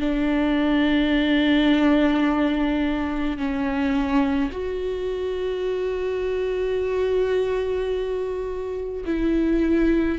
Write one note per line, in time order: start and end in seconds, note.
0.00 3.38 D4
3.38 4.51 C#4
4.52 9.05 F#4
9.05 10.18 E4